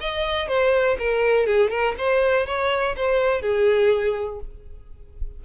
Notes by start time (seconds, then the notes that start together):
0.00 D#5
0.48 C5
0.98 A#4
1.46 G#4
1.70 A#4
1.97 C5
2.46 C#5
2.96 C5
3.41 G#4